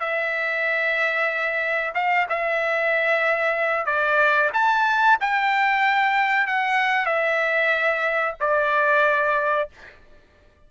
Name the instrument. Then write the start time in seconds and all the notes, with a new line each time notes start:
trumpet
0.00 E5
1.95 F5
2.29 E5
3.86 D5
4.54 A5
5.21 G5
6.47 F#5
7.06 E5
8.40 D5